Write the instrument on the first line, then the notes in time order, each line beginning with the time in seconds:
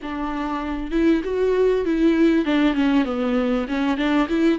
viola
0.02 D4
0.91 E4
1.24 F#4
1.85 E4
2.45 D4
2.74 C#4
3.04 B3
3.67 C#4
3.97 D4
4.28 E4